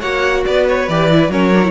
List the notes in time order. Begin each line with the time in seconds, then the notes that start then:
0.00 A#3 F#4 C#5 F#5
0.46 B3 B4 D5
0.69 C#5
0.89 E3 G4 D5
1.12 E4
1.29 F#3 C#4 A#4 C#5
1.55 D4
1.63 E4